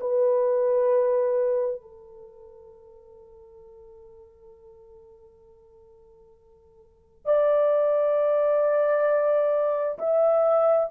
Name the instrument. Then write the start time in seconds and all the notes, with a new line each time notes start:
horn
0.00 B4
1.81 A4
7.25 D5
9.98 E5